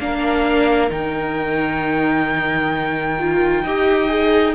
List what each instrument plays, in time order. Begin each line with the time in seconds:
0.00 cello A#3, viola D4, violin A#4 F5
0.90 cello D#3, viola D#4, violin G5
3.19 viola F4
3.64 cello D#4, viola G4, violin D#5
4.09 viola G#4